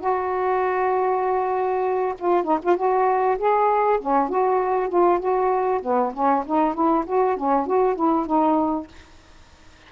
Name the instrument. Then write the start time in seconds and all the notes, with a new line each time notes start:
saxophone
0.00 F#4
2.18 F4
2.44 D#4
2.62 F4
2.77 F#4
3.38 G#4
4.00 C#4
4.29 F#4
4.89 F4
5.20 F#4
5.82 B3
6.14 C#4
6.46 D#4
6.74 E4
7.06 F#4
7.36 C#4
7.66 F#4
7.95 E4
8.26 D#4